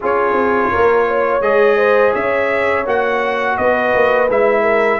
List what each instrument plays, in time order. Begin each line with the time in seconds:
0.00 tuba C#4, trombone F4, horn G#4, trumpet C#5
0.32 tuba C4
0.70 tuba A#3, horn A#4
1.07 horn C#5
1.40 tuba G#3, trombone G#4, trumpet D#5
1.77 horn C5
2.12 tuba C#4, horn C#5, trumpet E5
2.85 tuba A#3, trombone F#4, trumpet F#5
3.57 tuba B3, horn B4, trumpet D#5
3.94 tuba A#3
4.29 tuba G#3, trombone E4, trumpet E5
4.62 horn A#4